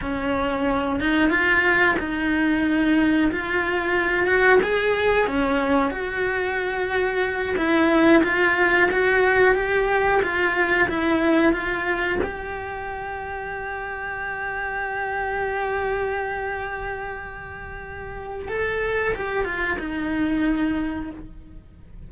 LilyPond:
\new Staff \with { instrumentName = "cello" } { \time 4/4 \tempo 4 = 91 cis'4. dis'8 f'4 dis'4~ | dis'4 f'4. fis'8 gis'4 | cis'4 fis'2~ fis'8 e'8~ | e'8 f'4 fis'4 g'4 f'8~ |
f'8 e'4 f'4 g'4.~ | g'1~ | g'1 | a'4 g'8 f'8 dis'2 | }